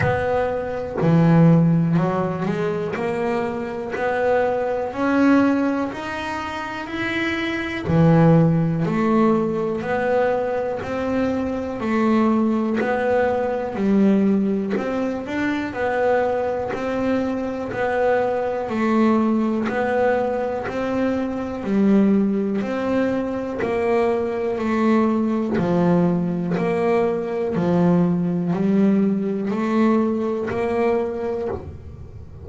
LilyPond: \new Staff \with { instrumentName = "double bass" } { \time 4/4 \tempo 4 = 61 b4 e4 fis8 gis8 ais4 | b4 cis'4 dis'4 e'4 | e4 a4 b4 c'4 | a4 b4 g4 c'8 d'8 |
b4 c'4 b4 a4 | b4 c'4 g4 c'4 | ais4 a4 f4 ais4 | f4 g4 a4 ais4 | }